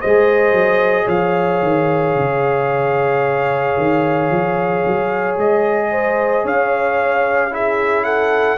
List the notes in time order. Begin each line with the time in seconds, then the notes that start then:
0.00 G#3 G#4 C5 D#5
0.52 F#3
1.04 F3 C#5 F5
1.62 D#3
2.15 C#3
3.77 D#3
4.30 F3
4.86 F#3
5.37 G#3 D#5
5.91 C5
6.44 C#4 C#5 F5
7.50 E4 G#4 E5
8.04 A4 F#5